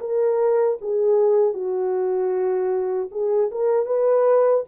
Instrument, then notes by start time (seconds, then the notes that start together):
horn
0.00 A#4
0.81 G#4
1.54 F#4
3.11 G#4
3.51 A#4
3.86 B4